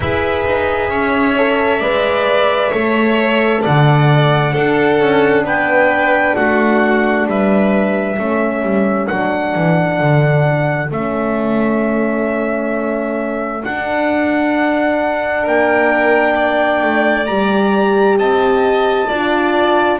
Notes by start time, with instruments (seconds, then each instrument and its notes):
0.00 double bass E4, horn G#4, violin B4, trumpet E5
0.45 double bass D#4
0.89 double bass C#4, violin C#5
1.37 horn A4
1.79 double bass G#3, horn B4, violin D5
2.70 double bass A3, horn A4, violin C#5
3.61 double bass D3, violin D5, trumpet F#5
4.52 double bass D4, horn D4, violin A4
5.00 double bass C#4
5.43 double bass B3, violin B4, trumpet G5
6.35 double bass A3, violin F#4, trumpet F#5
7.27 double bass G3, violin B4, trumpet E5
8.18 double bass A3, horn C#4, violin A4
8.62 double bass G3
9.07 double bass F#3, horn D4, trumpet F#5
9.55 double bass E3
10.00 double bass D3
10.90 double bass A3, horn C#4, trumpet E5
13.63 horn D4, double bass D4, trumpet F#5
15.42 double bass A#3, violin A#4, trumpet G5
16.34 violin D5
16.83 double bass A3
17.26 double bass G3, horn G4, trumpet A#5
18.18 double bass C4, violin D#5, trumpet A5
19.07 double bass D4, horn F4, violin D5